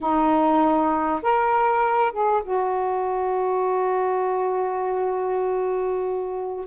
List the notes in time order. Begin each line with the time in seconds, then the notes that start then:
0.01 D#4
1.22 A#4
2.12 G#4
2.43 F#4